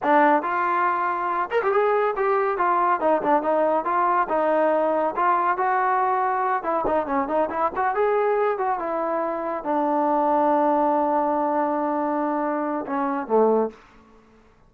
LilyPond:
\new Staff \with { instrumentName = "trombone" } { \time 4/4 \tempo 4 = 140 d'4 f'2~ f'8 ais'16 g'16 | gis'4 g'4 f'4 dis'8 d'8 | dis'4 f'4 dis'2 | f'4 fis'2~ fis'8 e'8 |
dis'8 cis'8 dis'8 e'8 fis'8 gis'4. | fis'8 e'2 d'4.~ | d'1~ | d'2 cis'4 a4 | }